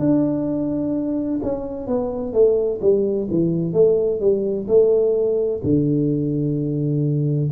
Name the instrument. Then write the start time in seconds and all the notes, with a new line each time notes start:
tuba
0.00 D4
1.43 C#4
1.87 B3
2.33 A3
2.82 G3
3.31 E3
3.74 A3
4.21 G3
4.68 A3
5.64 D3